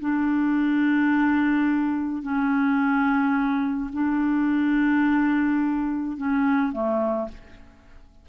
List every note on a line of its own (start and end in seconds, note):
0.00 2.23 D4
2.23 3.91 C#4
3.93 6.17 D4
6.18 6.72 C#4
6.72 7.28 A3